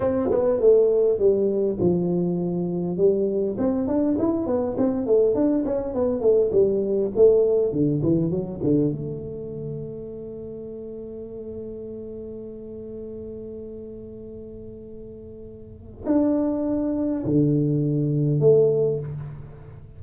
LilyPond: \new Staff \with { instrumentName = "tuba" } { \time 4/4 \tempo 4 = 101 c'8 b8 a4 g4 f4~ | f4 g4 c'8 d'8 e'8 b8 | c'8 a8 d'8 cis'8 b8 a8 g4 | a4 d8 e8 fis8 d8 a4~ |
a1~ | a1~ | a2. d'4~ | d'4 d2 a4 | }